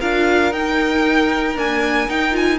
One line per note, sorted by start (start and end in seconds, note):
0.00 0.52 D4
0.00 0.54 F4
0.00 2.59 A#4
0.00 0.53 F5
0.52 1.56 D#4
0.52 1.57 G5
1.56 2.08 A#3
1.56 2.08 D4
1.56 2.10 G#5
2.09 2.32 D#4
2.09 2.59 D#4
2.09 2.36 G5
2.32 2.58 F4
2.32 2.59 G#5